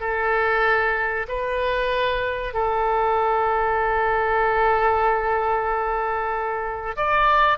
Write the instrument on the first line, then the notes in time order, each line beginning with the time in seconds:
oboe
0.00 A4
1.28 B4
2.53 A4
6.96 D5